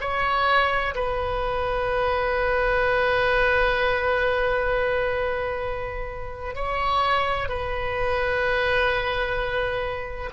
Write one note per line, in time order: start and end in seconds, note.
0.00 0.94 C#5
0.95 6.55 B4
6.55 7.48 C#5
7.48 10.30 B4